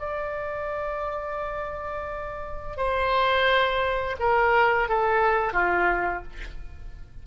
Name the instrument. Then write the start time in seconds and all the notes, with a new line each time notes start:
oboe
0.00 D5
2.77 C5
4.20 A#4
4.89 A4
5.53 F4